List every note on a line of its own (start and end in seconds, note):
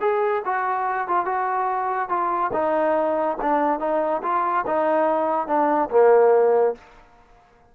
0.00 0.42 G#4
0.45 1.08 F#4
1.08 1.25 F4
1.25 2.09 F#4
2.09 2.51 F4
2.53 3.37 D#4
3.41 3.79 D4
3.79 4.21 D#4
4.22 4.65 F4
4.66 5.47 D#4
5.47 5.89 D4
5.90 6.75 A#3